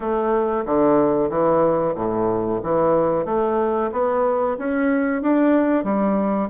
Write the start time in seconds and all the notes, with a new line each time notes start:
0.00 A3
0.65 D3
1.29 E3
1.95 A2
2.62 E3
3.25 A3
3.92 B3
4.57 C#4
5.22 D4
5.83 G3